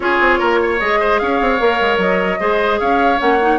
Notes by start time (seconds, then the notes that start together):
0.00 C#4 F4 G#4 C#5
0.20 C4
0.38 A#3 A#4
0.62 C#5
0.79 G#3 G#4 D#5
1.00 C5
1.18 C#4 C#5 F5
1.40 C4
1.59 A#3 A#4
1.81 G#3
1.97 F#3 D#5
2.39 G#3 G#4 C5
2.79 C#4 C#5 F5
3.17 A#3 C#4 F#5
3.41 D#4